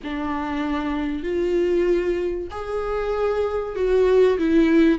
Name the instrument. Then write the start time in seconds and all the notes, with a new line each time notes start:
viola
0.03 D4
1.23 F4
2.50 G#4
3.75 F#4
4.38 E4